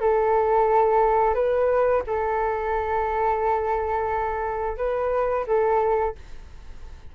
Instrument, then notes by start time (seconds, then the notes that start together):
flute
0.00 A4
1.34 B4
2.07 A4
4.77 B4
5.47 A4